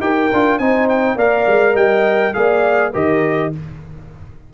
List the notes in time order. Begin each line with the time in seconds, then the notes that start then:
0.00 D#4 G4 A#4 G5
0.33 D4 F4
0.58 C4 D#4 C5 G#5
0.88 G5
1.15 A#3 A#4 D5 F5
1.46 G#3
1.73 G3 D#5 G5
2.34 A#3 G#4 D5 F5
2.92 D#3 G4 A#4 D#5